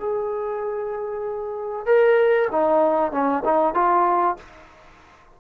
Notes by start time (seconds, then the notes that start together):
0.00 G#4
1.86 A#4
2.52 D#4
3.12 C#4
3.45 D#4
3.74 F4